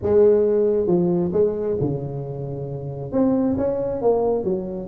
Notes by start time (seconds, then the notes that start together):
0.02 G#3
0.86 F3
1.32 G#3
1.80 C#3
3.12 C4
3.57 C#4
4.01 A#3
4.44 F#3